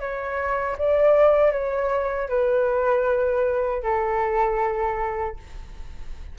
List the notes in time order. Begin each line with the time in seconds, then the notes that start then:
0.00 C#5
0.79 D5
1.52 C#5
2.29 B4
3.83 A4